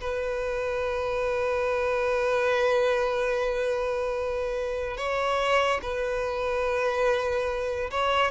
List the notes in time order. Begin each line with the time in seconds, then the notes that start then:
0.00 B4
4.97 C#5
5.82 B4
7.91 C#5